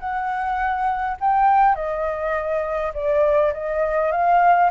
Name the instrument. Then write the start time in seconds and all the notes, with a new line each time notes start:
flute
0.00 F#5
1.21 G5
1.75 D#5
2.94 D5
3.53 D#5
4.12 F5